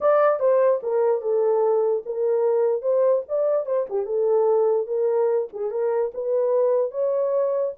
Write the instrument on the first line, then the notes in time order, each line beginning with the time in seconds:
horn
0.01 D5
0.39 C5
0.83 A#4
1.21 A4
2.05 A#4
2.82 C5
3.28 D5
3.66 C5
3.89 G4
4.06 A4
4.86 A#4
5.53 G#4
5.71 A#4
6.14 B4
6.91 C#5